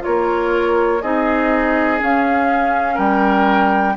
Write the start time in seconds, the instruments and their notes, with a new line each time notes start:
0.00 clarinet F4, oboe A#4, flute C#5
0.06 bassoon A#3
1.01 bassoon C4, clarinet D#4, oboe G#4, flute D#5
1.99 clarinet C#4, bassoon C#4, flute F5
2.94 bassoon G3, oboe A#4, flute G5